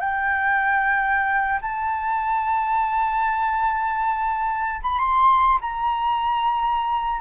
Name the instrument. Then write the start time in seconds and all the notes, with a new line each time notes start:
flute
0.00 G5
1.62 A5
4.83 B5
4.99 C6
5.61 A#5